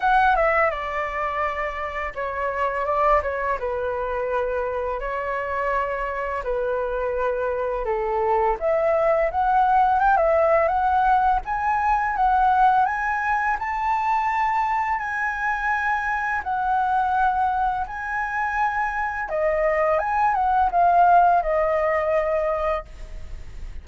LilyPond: \new Staff \with { instrumentName = "flute" } { \time 4/4 \tempo 4 = 84 fis''8 e''8 d''2 cis''4 | d''8 cis''8 b'2 cis''4~ | cis''4 b'2 a'4 | e''4 fis''4 g''16 e''8. fis''4 |
gis''4 fis''4 gis''4 a''4~ | a''4 gis''2 fis''4~ | fis''4 gis''2 dis''4 | gis''8 fis''8 f''4 dis''2 | }